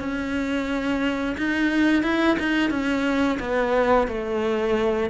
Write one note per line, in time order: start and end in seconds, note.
0.00 1.36 C#4
1.38 2.03 D#4
2.03 2.37 E4
2.40 2.71 D#4
2.71 3.39 C#4
3.40 4.08 B3
4.08 5.10 A3